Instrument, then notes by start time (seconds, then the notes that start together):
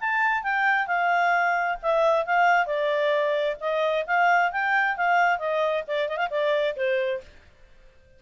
clarinet
0.00 A5
0.43 G5
0.87 F5
1.82 E5
2.25 F5
2.66 D5
3.60 D#5
4.06 F5
4.51 G5
4.96 F5
5.38 D#5
5.87 D5
6.08 D#5
6.17 F5
6.30 D5
6.76 C5